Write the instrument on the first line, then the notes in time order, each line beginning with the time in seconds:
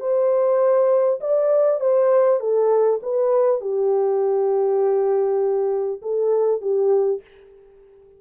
horn
0.00 C5
1.20 D5
1.80 C5
2.40 A4
3.02 B4
3.61 G4
6.02 A4
6.61 G4